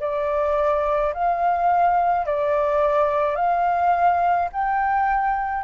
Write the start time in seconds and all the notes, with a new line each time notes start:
0.00 D5
1.14 F5
2.26 D5
3.36 F5
4.52 G5